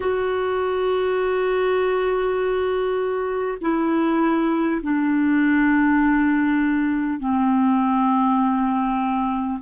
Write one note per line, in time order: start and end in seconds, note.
0.00 3.57 F#4
3.61 4.81 E4
4.82 7.19 D4
7.19 9.59 C4